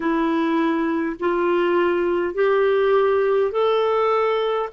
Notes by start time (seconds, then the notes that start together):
0.00 E4
1.19 F4
2.34 G4
3.51 A4